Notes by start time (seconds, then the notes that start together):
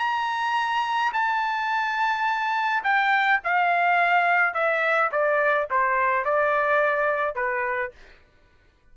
0.00 A#5
1.14 A5
2.84 G5
3.44 F5
4.55 E5
5.12 D5
5.71 C5
6.25 D5
7.36 B4